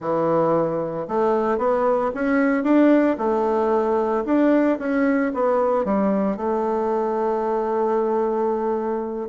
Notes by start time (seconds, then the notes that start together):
0.00 E3
1.08 A3
1.58 B3
2.14 C#4
2.63 D4
3.18 A3
4.25 D4
4.78 C#4
5.34 B3
5.84 G3
6.36 A3